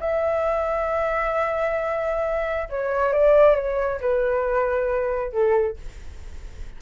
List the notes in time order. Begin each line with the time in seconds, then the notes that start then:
0.00 E5
2.69 C#5
3.13 D5
3.55 C#5
4.01 B4
5.32 A4